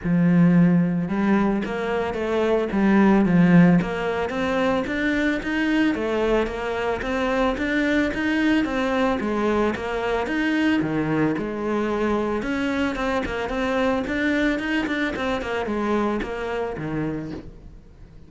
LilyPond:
\new Staff \with { instrumentName = "cello" } { \time 4/4 \tempo 4 = 111 f2 g4 ais4 | a4 g4 f4 ais4 | c'4 d'4 dis'4 a4 | ais4 c'4 d'4 dis'4 |
c'4 gis4 ais4 dis'4 | dis4 gis2 cis'4 | c'8 ais8 c'4 d'4 dis'8 d'8 | c'8 ais8 gis4 ais4 dis4 | }